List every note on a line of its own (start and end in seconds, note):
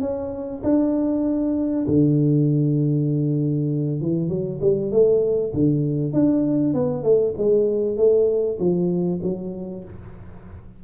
0.00 0.61 C#4
0.63 1.85 D4
1.87 4.00 D3
4.00 4.28 E3
4.28 4.59 F#3
4.60 4.91 G3
4.91 5.52 A3
5.53 6.13 D3
6.13 6.73 D4
6.73 7.03 B3
7.03 7.34 A3
7.37 7.97 G#3
7.97 8.58 A3
8.59 9.20 F3
9.22 9.83 F#3